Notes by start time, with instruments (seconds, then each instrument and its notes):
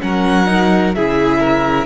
0.00 cello F#3, viola C#4, violin A#4 F#5
0.46 viola D#4
0.95 cello C#3, viola E4, violin G#4 E5
1.40 violin A#4